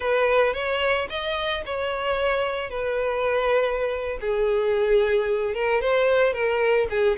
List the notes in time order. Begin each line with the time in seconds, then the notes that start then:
0.00 B4
0.53 C#5
1.09 D#5
1.65 C#5
2.70 B4
4.20 G#4
5.54 A#4
5.81 C5
6.33 A#4
6.89 G#4